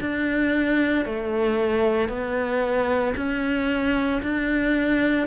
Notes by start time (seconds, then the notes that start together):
0.00 D4
1.05 A3
2.08 B3
3.16 C#4
4.22 D4